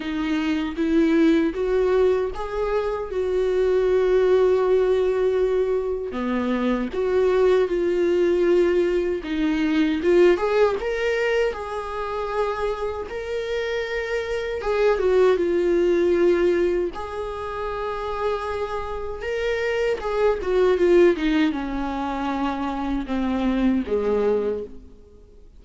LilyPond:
\new Staff \with { instrumentName = "viola" } { \time 4/4 \tempo 4 = 78 dis'4 e'4 fis'4 gis'4 | fis'1 | b4 fis'4 f'2 | dis'4 f'8 gis'8 ais'4 gis'4~ |
gis'4 ais'2 gis'8 fis'8 | f'2 gis'2~ | gis'4 ais'4 gis'8 fis'8 f'8 dis'8 | cis'2 c'4 gis4 | }